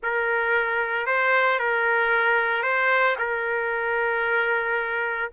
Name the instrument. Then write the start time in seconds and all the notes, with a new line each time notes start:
trumpet
0.02 A#4
1.06 C5
1.59 A#4
2.63 C5
3.18 A#4